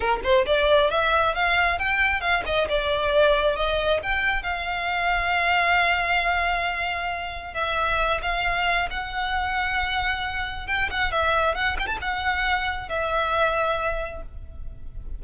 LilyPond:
\new Staff \with { instrumentName = "violin" } { \time 4/4 \tempo 4 = 135 ais'8 c''8 d''4 e''4 f''4 | g''4 f''8 dis''8 d''2 | dis''4 g''4 f''2~ | f''1~ |
f''4 e''4. f''4. | fis''1 | g''8 fis''8 e''4 fis''8 g''16 a''16 fis''4~ | fis''4 e''2. | }